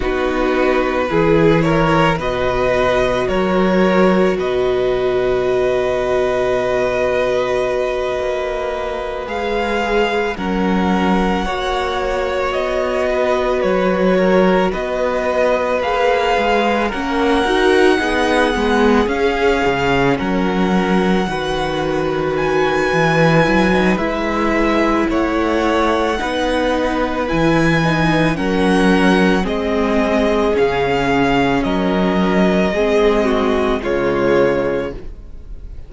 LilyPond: <<
  \new Staff \with { instrumentName = "violin" } { \time 4/4 \tempo 4 = 55 b'4. cis''8 dis''4 cis''4 | dis''1~ | dis''8 f''4 fis''2 dis''8~ | dis''8 cis''4 dis''4 f''4 fis''8~ |
fis''4. f''4 fis''4.~ | fis''8 gis''4. e''4 fis''4~ | fis''4 gis''4 fis''4 dis''4 | f''4 dis''2 cis''4 | }
  \new Staff \with { instrumentName = "violin" } { \time 4/4 fis'4 gis'8 ais'8 b'4 ais'4 | b'1~ | b'4. ais'4 cis''4. | b'4 ais'8 b'2 ais'8~ |
ais'8 gis'2 ais'4 b'8~ | b'2. cis''4 | b'2 ais'4 gis'4~ | gis'4 ais'4 gis'8 fis'8 f'4 | }
  \new Staff \with { instrumentName = "viola" } { \time 4/4 dis'4 e'4 fis'2~ | fis'1~ | fis'8 gis'4 cis'4 fis'4.~ | fis'2~ fis'8 gis'4 cis'8 |
fis'8 dis'8 b8 cis'2 fis'8~ | fis'4. e'16 dis'16 e'2 | dis'4 e'8 dis'8 cis'4 c'4 | cis'2 c'4 gis4 | }
  \new Staff \with { instrumentName = "cello" } { \time 4/4 b4 e4 b,4 fis4 | b,2.~ b,8 ais8~ | ais8 gis4 fis4 ais4 b8~ | b8 fis4 b4 ais8 gis8 ais8 |
dis'8 b8 gis8 cis'8 cis8 fis4 dis8~ | dis4 e8 fis8 gis4 a4 | b4 e4 fis4 gis4 | cis4 fis4 gis4 cis4 | }
>>